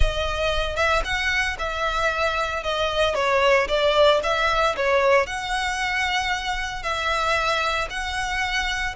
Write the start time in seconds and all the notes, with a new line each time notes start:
0.00 D#5
0.76 E5
1.04 F#5
1.58 E5
2.63 D#5
3.14 C#5
3.67 D5
4.23 E5
4.76 C#5
5.26 F#5
6.82 E5
7.89 F#5